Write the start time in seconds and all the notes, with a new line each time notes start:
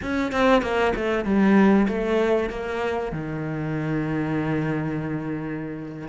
0.02 C#4
0.32 C4
0.62 A#3
0.95 A3
1.24 G3
1.88 A3
2.49 A#3
3.11 D#3